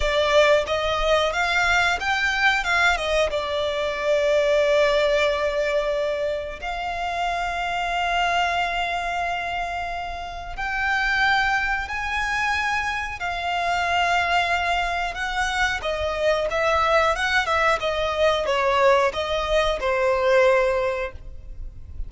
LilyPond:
\new Staff \with { instrumentName = "violin" } { \time 4/4 \tempo 4 = 91 d''4 dis''4 f''4 g''4 | f''8 dis''8 d''2.~ | d''2 f''2~ | f''1 |
g''2 gis''2 | f''2. fis''4 | dis''4 e''4 fis''8 e''8 dis''4 | cis''4 dis''4 c''2 | }